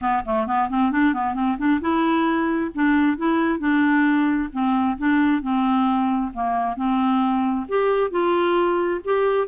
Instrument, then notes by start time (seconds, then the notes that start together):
clarinet
0.01 B3
0.25 A3
0.46 B3
0.69 C4
0.91 D4
1.13 B3
1.34 C4
1.57 D4
1.80 E4
2.74 D4
3.17 E4
3.59 D4
4.52 C4
4.97 D4
5.42 C4
6.33 A#3
6.76 C4
7.68 G4
8.10 F4
9.04 G4